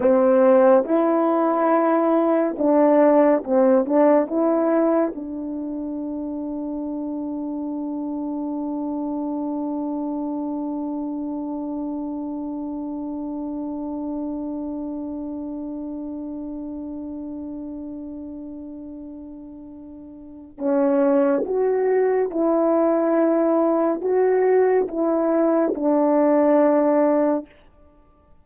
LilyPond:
\new Staff \with { instrumentName = "horn" } { \time 4/4 \tempo 4 = 70 c'4 e'2 d'4 | c'8 d'8 e'4 d'2~ | d'1~ | d'1~ |
d'1~ | d'1 | cis'4 fis'4 e'2 | fis'4 e'4 d'2 | }